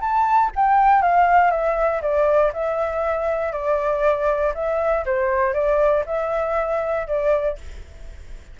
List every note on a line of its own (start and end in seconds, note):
0.00 0.50 A5
0.55 1.02 G5
1.02 1.51 F5
1.51 2.01 E5
2.01 2.52 D5
2.53 3.52 E5
3.52 4.53 D5
4.54 5.04 E5
5.06 5.53 C5
5.53 6.04 D5
6.06 7.07 E5
7.07 7.57 D5